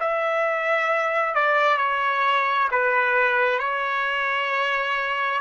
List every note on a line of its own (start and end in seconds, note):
0.00 1.35 E5
1.35 1.77 D5
1.77 2.68 C#5
2.71 3.59 B4
3.59 5.41 C#5